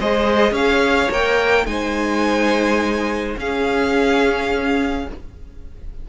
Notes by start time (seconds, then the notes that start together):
0.00 G#3 G#4 C5 D#5
0.52 C#4 C#5 F5
1.11 A#3 A#4 G5
1.66 G#3 D#4 C5 G#5
3.37 C#4 G#4 F5